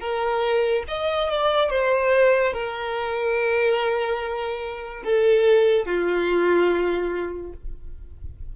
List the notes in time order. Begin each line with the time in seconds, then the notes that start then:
0.00 A#4
0.88 D#5
1.29 D5
1.70 C5
2.53 A#4
5.04 A4
5.86 F4